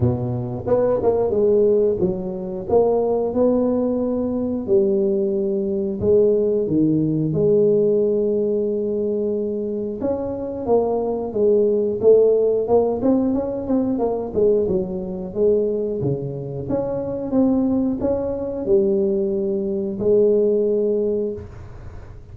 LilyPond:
\new Staff \with { instrumentName = "tuba" } { \time 4/4 \tempo 4 = 90 b,4 b8 ais8 gis4 fis4 | ais4 b2 g4~ | g4 gis4 dis4 gis4~ | gis2. cis'4 |
ais4 gis4 a4 ais8 c'8 | cis'8 c'8 ais8 gis8 fis4 gis4 | cis4 cis'4 c'4 cis'4 | g2 gis2 | }